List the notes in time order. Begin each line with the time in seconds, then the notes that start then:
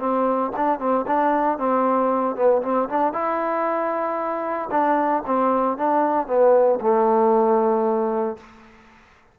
0.00 C4
0.57 D4
0.80 C4
1.07 D4
1.59 C4
2.36 B3
2.63 C4
2.90 D4
3.14 E4
4.71 D4
5.27 C4
5.78 D4
6.28 B3
6.81 A3